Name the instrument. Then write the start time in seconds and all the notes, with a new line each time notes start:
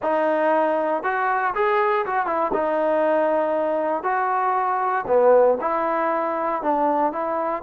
trombone
0.02 D#4
1.03 F#4
1.54 G#4
2.06 F#4
2.26 E4
2.53 D#4
4.03 F#4
5.07 B3
5.60 E4
6.62 D4
7.12 E4